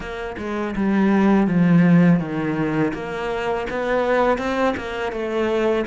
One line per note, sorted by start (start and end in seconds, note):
0.00 0.36 A#3
0.38 0.74 G#3
0.75 1.47 G3
1.47 2.20 F3
2.20 2.93 D#3
2.93 3.67 A#3
3.70 4.37 B3
4.37 4.74 C4
4.76 5.12 A#3
5.12 5.85 A3